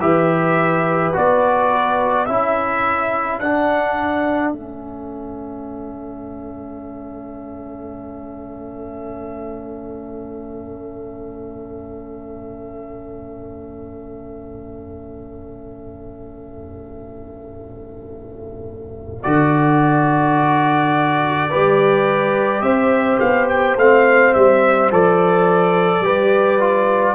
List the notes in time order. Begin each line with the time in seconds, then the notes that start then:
0.00 E3 G4 B4 E5
1.13 B3 F#4 D5
2.25 C#4 E4 A4 E5
3.39 D4 F#5
4.52 A3 C#4 E5
19.23 D3 F#4 D5
21.49 G3 G4 B4
22.62 C4 C5 E5
23.20 B3 F5
23.49 G5
23.77 A3 C4 F5
24.33 G3 E5
24.91 F3 A4 D5
26.00 G3 G4 B4
26.60 F4